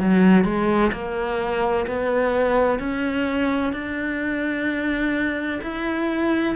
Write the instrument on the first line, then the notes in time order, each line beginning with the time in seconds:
cello
0.00 F#3
0.45 G#3
0.93 A#3
1.87 B3
2.80 C#4
3.73 D4
5.62 E4